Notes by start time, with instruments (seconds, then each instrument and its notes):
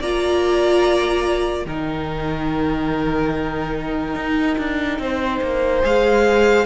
0.00 cello A#3, viola F4, violin D5 A#5
1.66 cello D#3, viola D#4, violin A#4 G5
4.16 cello D#4
4.58 cello D4
4.99 cello C4, violin C5
5.42 cello A#3
5.82 cello G#3, viola G#4, violin F5